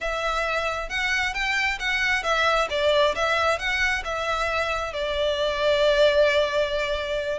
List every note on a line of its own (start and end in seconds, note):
0.00 0.89 E5
0.89 1.34 F#5
1.34 1.78 G5
1.79 2.23 F#5
2.23 2.67 E5
2.70 3.14 D5
3.15 3.58 E5
3.58 4.03 F#5
4.04 4.93 E5
4.93 7.38 D5